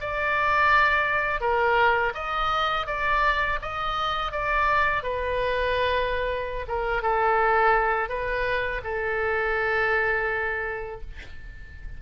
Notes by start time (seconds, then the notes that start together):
0.00 D5
1.41 A#4
2.15 D#5
2.87 D5
3.62 D#5
4.32 D5
5.03 B4
6.68 A#4
7.02 A4
8.09 B4
8.84 A4